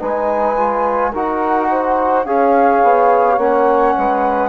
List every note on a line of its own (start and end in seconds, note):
0.00 1.14 G#3
0.00 0.57 D#4
0.00 1.11 B4
0.00 1.14 G#5
0.57 1.13 F4
1.11 2.25 D#4
1.11 2.27 F#4
1.11 1.67 A#4
1.11 2.26 F#5
1.71 2.25 C5
2.25 2.82 C#4
2.25 3.39 G#4
2.25 3.95 C#5
2.25 3.39 F5
2.83 3.38 B3
3.38 3.95 A#3
3.38 4.50 C#4
3.38 4.50 F#5
3.97 4.50 G#3
3.97 4.50 B4